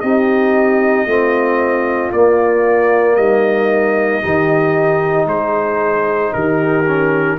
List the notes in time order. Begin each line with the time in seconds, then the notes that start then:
0.00 C4 D#4 G4 D#5
1.06 A3 C4 F4
2.12 A#3 D5
3.16 G3 D#4 D#5
4.22 D#3 D#4 G4
5.26 G#3 G#4 C5
6.33 D#3 G4 A#4
6.87 C#4